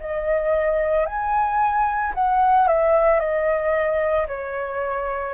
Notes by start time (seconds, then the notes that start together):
0.00 D#5
1.06 G#5
2.15 F#5
2.68 E5
3.19 D#5
4.28 C#5